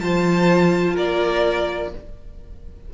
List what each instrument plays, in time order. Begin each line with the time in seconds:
0.00 cello F3, viola F4, violin C5 A5
0.94 cello A#3, violin A#4 D5